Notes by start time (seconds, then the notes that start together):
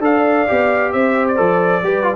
0.00 D4 A4 D5 F5
0.48 B3 G4
0.93 C4 C5 E5
1.28 D5
1.36 F3 A4
1.83 G3 G4 B4
2.04 F4